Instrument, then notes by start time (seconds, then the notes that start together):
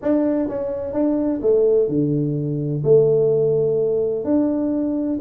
tuba
0.02 D4
0.48 C#4
0.93 D4
1.42 A3
1.88 D3
2.83 A3
4.24 D4